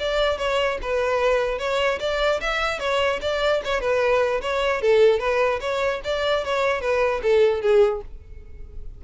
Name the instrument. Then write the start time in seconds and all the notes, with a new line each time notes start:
violin
0.00 D5
0.38 C#5
0.82 B4
1.59 C#5
2.00 D5
2.41 E5
2.80 C#5
3.22 D5
3.65 C#5
3.81 B4
4.42 C#5
4.82 A4
5.20 B4
5.61 C#5
6.05 D5
6.45 C#5
6.81 B4
7.23 A4
7.62 G#4